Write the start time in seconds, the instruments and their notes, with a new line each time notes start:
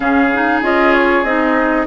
0.00 bassoon C#3, clarinet C#4, oboe G#4, flute F5
0.34 clarinet D#4
0.62 bassoon C#4, clarinet F4, flute D#5
0.93 flute C#5
1.23 bassoon C4, clarinet D#4, flute D#5